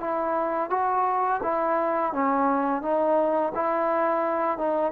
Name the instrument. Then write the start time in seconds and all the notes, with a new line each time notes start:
trombone
0.00 E4
0.70 F#4
1.43 E4
2.13 C#4
2.82 D#4
3.55 E4
4.58 D#4